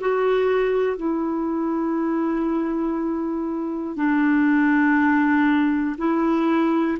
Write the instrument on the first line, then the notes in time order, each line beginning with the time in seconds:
clarinet
0.00 F#4
0.97 E4
3.96 D4
5.97 E4